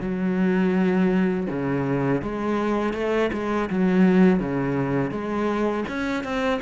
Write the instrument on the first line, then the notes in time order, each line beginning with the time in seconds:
cello
0.00 F#3
1.49 C#3
2.21 G#3
2.93 A3
3.33 G#3
3.70 F#3
4.39 C#3
5.11 G#3
5.88 C#4
6.23 C4